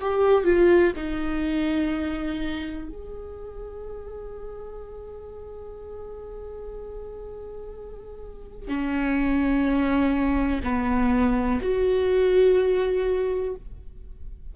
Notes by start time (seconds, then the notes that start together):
0.00 G4
0.44 F4
0.95 D#4
2.88 G#4
8.67 C#4
10.63 B3
11.61 F#4